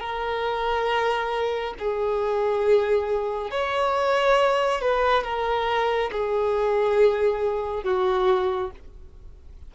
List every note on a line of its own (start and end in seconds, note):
0.00 1.74 A#4
1.79 3.51 G#4
3.51 4.81 C#5
4.81 5.24 B4
5.24 6.11 A#4
6.12 7.84 G#4
7.84 8.71 F#4